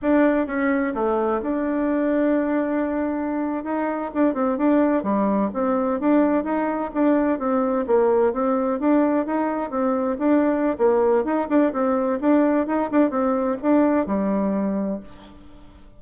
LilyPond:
\new Staff \with { instrumentName = "bassoon" } { \time 4/4 \tempo 4 = 128 d'4 cis'4 a4 d'4~ | d'2.~ d'8. dis'16~ | dis'8. d'8 c'8 d'4 g4 c'16~ | c'8. d'4 dis'4 d'4 c'16~ |
c'8. ais4 c'4 d'4 dis'16~ | dis'8. c'4 d'4~ d'16 ais4 | dis'8 d'8 c'4 d'4 dis'8 d'8 | c'4 d'4 g2 | }